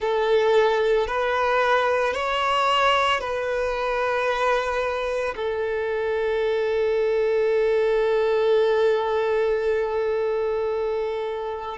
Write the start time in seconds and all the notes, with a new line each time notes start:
0.00 A4
1.07 B4
2.13 C#5
3.20 B4
5.36 A4